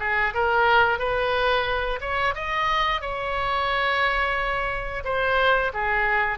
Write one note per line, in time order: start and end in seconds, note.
0.00 0.34 G#4
0.34 0.99 A#4
0.99 2.00 B4
2.01 2.35 C#5
2.35 3.02 D#5
3.02 5.04 C#5
5.05 5.72 C5
5.74 6.38 G#4